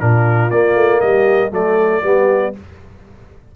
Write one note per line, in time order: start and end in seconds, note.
0.00 0.51 A#2
0.00 0.51 D4
0.00 1.02 F4
0.00 0.51 A#4
0.51 0.75 A#3
0.51 1.51 A#3
0.51 1.01 D5
0.75 1.01 A3
1.01 1.52 G3
1.01 1.53 G4
1.01 1.52 D#5
1.51 2.03 F#3
1.51 2.02 A3
1.51 2.05 A4
1.51 2.56 D5
2.02 2.54 G3
2.02 2.53 B3
2.02 2.56 G4